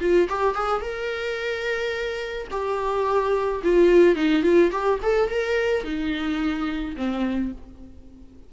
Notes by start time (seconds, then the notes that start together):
0.00 F4
0.29 G4
0.54 G#4
0.81 A#4
2.51 G4
3.64 F4
4.15 D#4
4.43 F4
4.71 G4
5.02 A4
5.30 A#4
5.84 D#4
6.96 C4